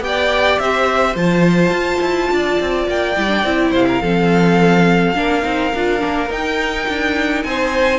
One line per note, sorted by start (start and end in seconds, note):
0.00 0.57 B3
0.00 1.15 G4
0.00 0.59 G5
0.06 0.61 D5
0.59 1.15 C4
0.59 2.33 C5
0.59 1.16 E5
1.15 1.70 F3
1.15 3.15 F4
1.15 2.88 A5
1.70 1.99 F4
2.01 2.29 E4
2.31 2.59 D4
2.31 3.71 D5
2.60 2.88 C4
2.88 3.16 A#3
2.88 3.75 G5
3.16 3.43 G3
3.16 3.28 E4
3.28 3.42 D4
3.43 3.72 C4
3.43 4.03 E4
3.71 4.01 C3
3.71 3.85 C5
3.71 6.32 F5
3.87 4.02 A#4
4.02 5.15 F3
4.02 5.15 C4
4.02 5.16 A4
5.15 5.43 A#3
5.15 5.42 D4
5.15 7.47 A#4
5.42 5.73 C4
5.42 5.70 D#4
5.74 6.03 D4
5.74 5.99 F4
5.99 6.30 A#3
5.99 6.27 D4
6.29 7.99 D#4
6.29 6.87 D#4
6.29 7.43 G5
6.88 7.44 D4
7.43 7.99 C4
7.43 7.99 C5
7.43 7.99 G#5